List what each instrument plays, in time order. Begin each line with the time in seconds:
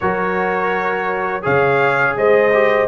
0.00 tuba F#3, trombone F#4, horn A#4, trumpet C#5
1.42 tuba C#3, trombone G#4, horn C#5, trumpet F5
2.16 tuba G#3, horn C5, trumpet D#5
2.53 trombone G4